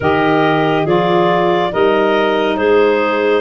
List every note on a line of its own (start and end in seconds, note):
0.00 0.85 D#3
0.00 0.87 G4
0.00 0.83 A#4
0.00 0.87 D#5
0.83 1.71 F3
0.83 1.70 F4
0.83 1.69 G#4
0.83 1.72 D5
1.70 2.57 G3
1.70 3.41 D#4
1.70 2.57 A#4
1.70 2.57 D#5
2.57 3.41 G#3
2.57 3.41 G#4
2.57 3.41 C5